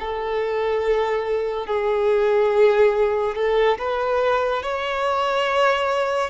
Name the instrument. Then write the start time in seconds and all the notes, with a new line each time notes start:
violin
0.00 A4
1.67 G#4
3.36 A4
3.78 B4
4.62 C#5